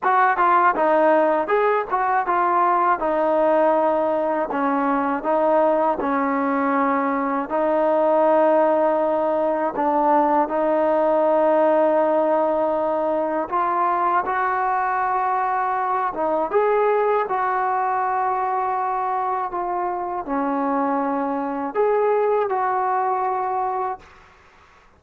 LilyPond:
\new Staff \with { instrumentName = "trombone" } { \time 4/4 \tempo 4 = 80 fis'8 f'8 dis'4 gis'8 fis'8 f'4 | dis'2 cis'4 dis'4 | cis'2 dis'2~ | dis'4 d'4 dis'2~ |
dis'2 f'4 fis'4~ | fis'4. dis'8 gis'4 fis'4~ | fis'2 f'4 cis'4~ | cis'4 gis'4 fis'2 | }